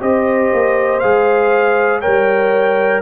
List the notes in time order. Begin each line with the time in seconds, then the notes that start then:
0.00 C4 G4 C5 D#5
0.53 A#3
1.00 G#3 G#4 F5
2.01 G3 A#4 C#5 G5